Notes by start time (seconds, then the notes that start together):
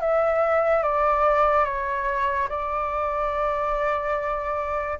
0.00 E5
0.83 D5
1.64 C#5
2.49 D5